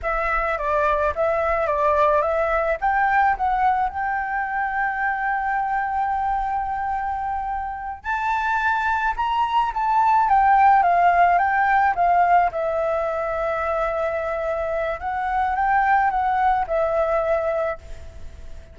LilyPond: \new Staff \with { instrumentName = "flute" } { \time 4/4 \tempo 4 = 108 e''4 d''4 e''4 d''4 | e''4 g''4 fis''4 g''4~ | g''1~ | g''2~ g''8 a''4.~ |
a''8 ais''4 a''4 g''4 f''8~ | f''8 g''4 f''4 e''4.~ | e''2. fis''4 | g''4 fis''4 e''2 | }